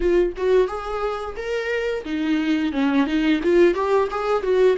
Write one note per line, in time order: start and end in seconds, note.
0.00 0.33 F4
0.36 0.67 F#4
0.67 1.35 G#4
1.36 2.04 A#4
2.05 2.72 D#4
2.72 3.06 C#4
3.06 3.40 D#4
3.43 3.74 F4
3.74 4.08 G4
4.10 4.42 G#4
4.42 4.76 F#4